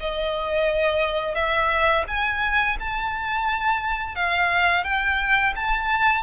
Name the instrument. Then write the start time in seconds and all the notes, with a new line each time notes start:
violin
0.00 D#5
1.35 E5
2.07 G#5
2.79 A5
4.15 F5
4.84 G5
5.56 A5